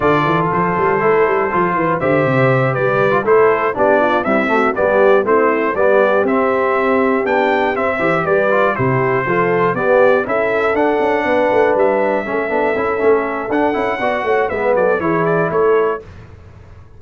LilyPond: <<
  \new Staff \with { instrumentName = "trumpet" } { \time 4/4 \tempo 4 = 120 d''4 c''2. | e''4. d''4 c''4 d''8~ | d''8 e''4 d''4 c''4 d''8~ | d''8 e''2 g''4 e''8~ |
e''8 d''4 c''2 d''8~ | d''8 e''4 fis''2 e''8~ | e''2. fis''4~ | fis''4 e''8 d''8 cis''8 d''8 cis''4 | }
  \new Staff \with { instrumentName = "horn" } { \time 4/4 a'2.~ a'8 b'8 | c''4. b'4 a'4 g'8 | f'8 e'8 fis'8 g'4 e'4 g'8~ | g'1 |
c''8 b'4 g'4 a'4 g'8~ | g'8 a'2 b'4.~ | b'8 a'2.~ a'8 | d''8 cis''8 b'8 a'8 gis'4 a'4 | }
  \new Staff \with { instrumentName = "trombone" } { \time 4/4 f'2 e'4 f'4 | g'2~ g'16 f'16 e'4 d'8~ | d'8 g8 a8 b4 c'4 b8~ | b8 c'2 d'4 c'8 |
g'4 f'8 e'4 f'4 b8~ | b8 e'4 d'2~ d'8~ | d'8 cis'8 d'8 e'8 cis'4 d'8 e'8 | fis'4 b4 e'2 | }
  \new Staff \with { instrumentName = "tuba" } { \time 4/4 d8 e8 f8 g8 a8 g8 f8 e8 | d8 c4 g4 a4 b8~ | b8 c'4 g4 a4 g8~ | g8 c'2 b4 c'8 |
e8 g4 c4 f4 b8~ | b8 cis'4 d'8 cis'8 b8 a8 g8~ | g8 a8 b8 cis'8 a4 d'8 cis'8 | b8 a8 gis8 fis8 e4 a4 | }
>>